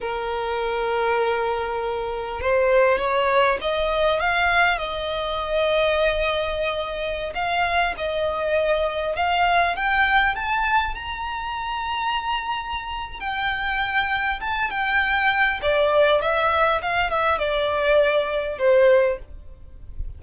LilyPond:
\new Staff \with { instrumentName = "violin" } { \time 4/4 \tempo 4 = 100 ais'1 | c''4 cis''4 dis''4 f''4 | dis''1~ | dis''16 f''4 dis''2 f''8.~ |
f''16 g''4 a''4 ais''4.~ ais''16~ | ais''2 g''2 | a''8 g''4. d''4 e''4 | f''8 e''8 d''2 c''4 | }